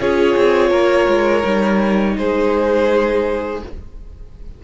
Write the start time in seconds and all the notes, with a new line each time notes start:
0.00 C#4 F4 G#4 C#5
0.37 C4
0.71 A#3 A#4
1.08 G#3
1.44 G3 D#4
2.18 G#3 G#4 C5